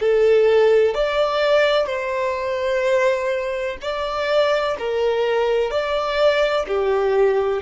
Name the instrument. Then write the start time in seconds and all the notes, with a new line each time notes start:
violin
0.00 A4
0.94 D5
1.87 C5
3.81 D5
4.79 A#4
5.71 D5
6.68 G4